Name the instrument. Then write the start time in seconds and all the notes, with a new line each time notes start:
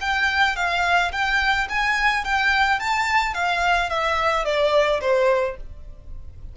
violin
0.00 G5
0.56 F5
1.12 G5
1.69 G#5
2.24 G5
2.79 A5
3.34 F5
3.89 E5
4.44 D5
5.01 C5